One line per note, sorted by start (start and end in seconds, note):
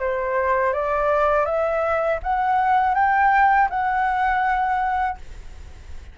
0.00 0.74 C5
0.74 1.46 D5
1.46 2.20 E5
2.24 2.95 F#5
2.95 3.69 G5
3.70 5.18 F#5